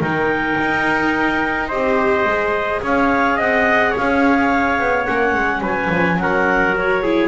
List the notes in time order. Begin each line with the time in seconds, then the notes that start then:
0.00 D#3 D#4 A#4 G5
0.60 D#4
1.68 C4 G4 C5 D#5
2.25 G#3 G#4
2.82 C#4 C#5 F5
3.36 C4 D#5 F#5
3.91 C#5 F5
3.97 C#4
4.79 B3
5.05 A#3 C#4 F#5
5.34 G#3
5.61 F#3 B4 G#5
5.89 F3
6.16 F#3 A#4 F#5
6.74 F#4 C#5
7.03 E4 G#4